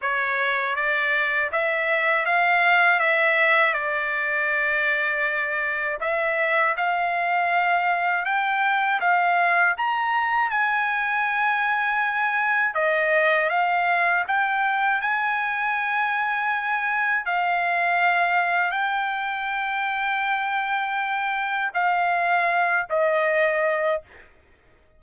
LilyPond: \new Staff \with { instrumentName = "trumpet" } { \time 4/4 \tempo 4 = 80 cis''4 d''4 e''4 f''4 | e''4 d''2. | e''4 f''2 g''4 | f''4 ais''4 gis''2~ |
gis''4 dis''4 f''4 g''4 | gis''2. f''4~ | f''4 g''2.~ | g''4 f''4. dis''4. | }